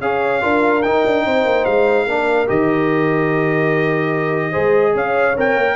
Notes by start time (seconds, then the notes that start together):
0.00 C#4 G#4 C#5 F5
0.41 D4 F4 A#4
0.82 D#4 G5
1.05 D4
1.25 C4 C5
1.44 A#3
1.65 G#3 F5
2.06 A#3 D4 A#4
2.47 D#3 G4 D#5
4.50 G#3 G#4 C5
4.93 C#4 C#5 F5
5.36 C4 A#4 G5
5.55 A#3